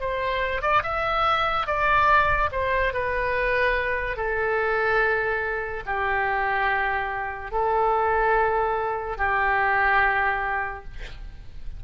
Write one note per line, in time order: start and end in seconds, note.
0.00 0.61 C5
0.61 0.82 D5
0.83 1.66 E5
1.66 2.50 D5
2.52 2.93 C5
2.93 4.16 B4
4.16 5.83 A4
5.86 7.51 G4
7.51 9.17 A4
9.17 10.84 G4